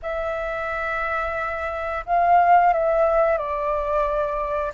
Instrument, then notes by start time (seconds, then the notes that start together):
flute
0.02 E5
2.06 F5
2.73 E5
3.37 D5